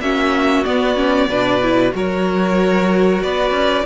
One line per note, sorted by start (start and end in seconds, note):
0.00 0.65 A#3
0.00 0.65 C#4
0.00 1.29 F#4
0.00 0.65 E5
0.65 0.96 B3
0.65 1.29 B3
0.65 1.94 D5
0.96 1.28 C#4
1.29 1.94 B2
1.29 1.62 D4
1.29 1.94 B4
1.62 1.92 E4
1.92 3.24 F#3
1.92 3.86 F#4
1.92 3.24 A#4
1.92 3.23 C#5
3.23 3.51 B3
3.23 3.86 B4
3.23 3.86 D5
3.51 3.84 C#4